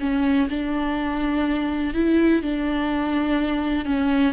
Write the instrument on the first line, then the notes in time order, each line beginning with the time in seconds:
viola
0.00 C#4
0.49 D4
1.94 E4
2.42 D4
3.85 C#4